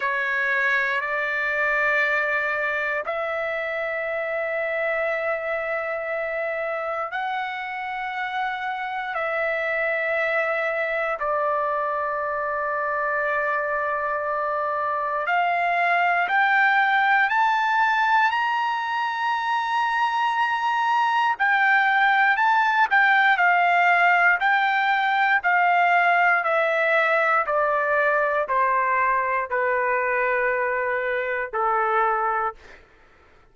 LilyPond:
\new Staff \with { instrumentName = "trumpet" } { \time 4/4 \tempo 4 = 59 cis''4 d''2 e''4~ | e''2. fis''4~ | fis''4 e''2 d''4~ | d''2. f''4 |
g''4 a''4 ais''2~ | ais''4 g''4 a''8 g''8 f''4 | g''4 f''4 e''4 d''4 | c''4 b'2 a'4 | }